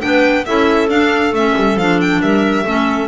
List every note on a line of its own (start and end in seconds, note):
0.00 0.47 B3
0.00 0.44 D4
0.00 0.47 B4
0.00 0.44 G5
0.45 0.88 C#4
0.45 0.89 E4
0.45 2.21 A4
0.45 0.89 E5
0.88 1.32 D4
0.88 1.33 D4
0.88 1.33 F5
1.32 1.54 A3
1.32 1.78 C#4
1.32 1.78 E5
1.56 1.76 G3
1.76 2.20 F3
1.76 2.65 D4
1.76 2.00 F5
2.00 2.21 G5
2.21 2.65 G3
2.21 2.64 A#4
2.21 3.07 E5
2.64 3.07 A3
2.64 3.07 C#4
2.64 3.07 A4